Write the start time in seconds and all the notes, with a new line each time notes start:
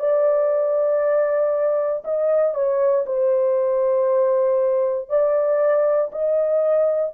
0.00 D5
2.04 D#5
2.55 C#5
3.06 C5
5.09 D5
6.12 D#5